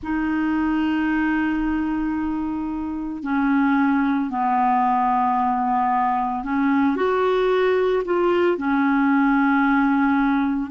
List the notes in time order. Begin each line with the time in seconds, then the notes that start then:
0.02 D#4
3.22 C#4
4.30 B3
6.43 C#4
6.96 F#4
8.04 F4
8.57 C#4